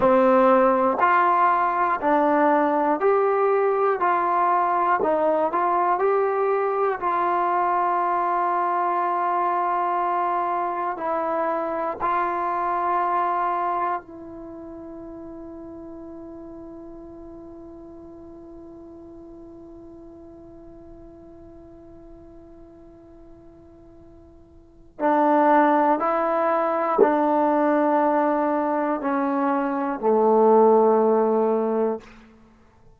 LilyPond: \new Staff \with { instrumentName = "trombone" } { \time 4/4 \tempo 4 = 60 c'4 f'4 d'4 g'4 | f'4 dis'8 f'8 g'4 f'4~ | f'2. e'4 | f'2 e'2~ |
e'1~ | e'1~ | e'4 d'4 e'4 d'4~ | d'4 cis'4 a2 | }